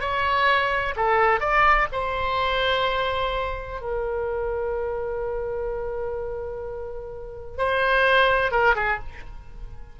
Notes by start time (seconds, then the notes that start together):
0.00 C#5
0.96 A4
1.40 D5
1.92 C5
3.81 A#4
7.58 C5
8.51 A#4
8.75 G#4